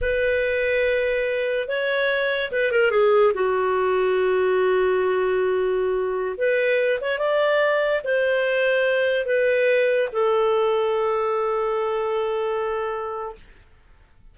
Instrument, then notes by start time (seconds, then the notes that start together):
clarinet
0.01 B4
1.68 C#5
2.51 B4
2.71 A#4
2.90 G#4
3.34 F#4
6.37 B4
7.00 C#5
7.18 D5
8.04 C5
9.25 B4
10.12 A4